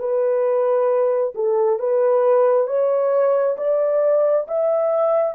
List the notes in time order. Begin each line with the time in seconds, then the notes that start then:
0.00 B4
1.35 A4
1.80 B4
2.67 C#5
3.58 D5
4.48 E5